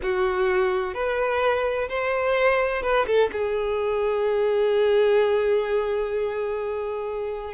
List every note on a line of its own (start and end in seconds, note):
0.02 0.93 F#4
0.93 1.88 B4
1.89 2.82 C5
2.82 3.06 B4
3.06 3.30 A4
3.32 7.53 G#4